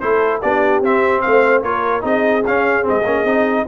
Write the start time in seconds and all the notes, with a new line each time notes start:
0.00 A3 E4 A4 C5
0.42 B3 D4 G4 D5
0.81 C4 E5
1.21 A3 C5 F5
1.62 A#3 F4 A#4 C#5
2.01 C4 D#4 G#4 D#5
2.45 C#4 F5
2.82 C4
2.88 G#3 D#5
3.06 A#3 C#4
3.24 C4 D#4